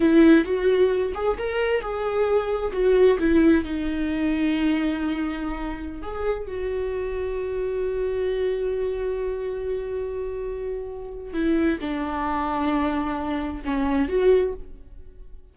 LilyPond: \new Staff \with { instrumentName = "viola" } { \time 4/4 \tempo 4 = 132 e'4 fis'4. gis'8 ais'4 | gis'2 fis'4 e'4 | dis'1~ | dis'4~ dis'16 gis'4 fis'4.~ fis'16~ |
fis'1~ | fis'1~ | fis'4 e'4 d'2~ | d'2 cis'4 fis'4 | }